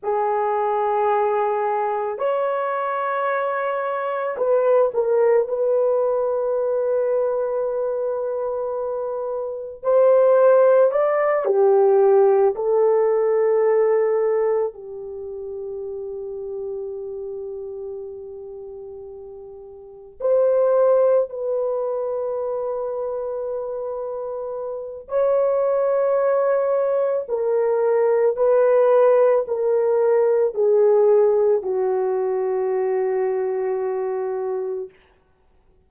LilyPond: \new Staff \with { instrumentName = "horn" } { \time 4/4 \tempo 4 = 55 gis'2 cis''2 | b'8 ais'8 b'2.~ | b'4 c''4 d''8 g'4 a'8~ | a'4. g'2~ g'8~ |
g'2~ g'8 c''4 b'8~ | b'2. cis''4~ | cis''4 ais'4 b'4 ais'4 | gis'4 fis'2. | }